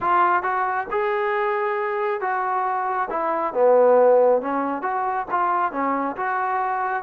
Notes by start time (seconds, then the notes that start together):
0.01 F4
0.42 F#4
0.90 G#4
2.20 F#4
3.10 E4
3.53 B3
4.41 C#4
4.82 F#4
5.30 F4
5.72 C#4
6.16 F#4